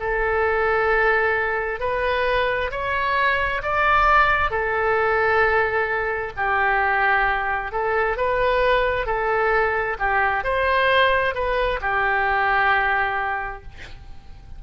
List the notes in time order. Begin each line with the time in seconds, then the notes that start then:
0.00 A4
1.80 B4
2.71 C#5
3.63 D5
4.51 A4
6.37 G4
7.72 A4
8.17 B4
9.06 A4
9.99 G4
10.44 C5
11.35 B4
11.81 G4